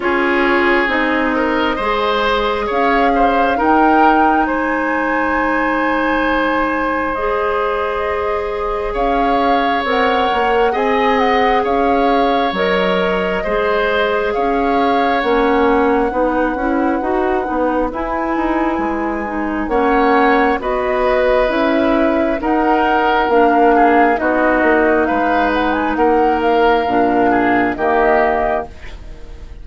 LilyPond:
<<
  \new Staff \with { instrumentName = "flute" } { \time 4/4 \tempo 4 = 67 cis''4 dis''2 f''4 | g''4 gis''2. | dis''2 f''4 fis''4 | gis''8 fis''8 f''4 dis''2 |
f''4 fis''2. | gis''2 fis''4 dis''4 | e''4 fis''4 f''4 dis''4 | f''8 fis''16 gis''16 fis''8 f''4. dis''4 | }
  \new Staff \with { instrumentName = "oboe" } { \time 4/4 gis'4. ais'8 c''4 cis''8 c''8 | ais'4 c''2.~ | c''2 cis''2 | dis''4 cis''2 c''4 |
cis''2 b'2~ | b'2 cis''4 b'4~ | b'4 ais'4. gis'8 fis'4 | b'4 ais'4. gis'8 g'4 | }
  \new Staff \with { instrumentName = "clarinet" } { \time 4/4 f'4 dis'4 gis'2 | dis'1 | gis'2. ais'4 | gis'2 ais'4 gis'4~ |
gis'4 cis'4 dis'8 e'8 fis'8 dis'8 | e'4. dis'8 cis'4 fis'4 | e'4 dis'4 d'4 dis'4~ | dis'2 d'4 ais4 | }
  \new Staff \with { instrumentName = "bassoon" } { \time 4/4 cis'4 c'4 gis4 cis'4 | dis'4 gis2.~ | gis2 cis'4 c'8 ais8 | c'4 cis'4 fis4 gis4 |
cis'4 ais4 b8 cis'8 dis'8 b8 | e'8 dis'8 gis4 ais4 b4 | cis'4 dis'4 ais4 b8 ais8 | gis4 ais4 ais,4 dis4 | }
>>